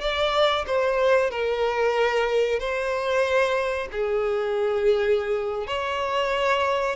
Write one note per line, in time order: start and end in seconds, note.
0.00 0.65 D5
0.66 1.30 C5
1.30 2.59 A#4
2.59 3.88 C5
3.91 5.67 G#4
5.67 6.95 C#5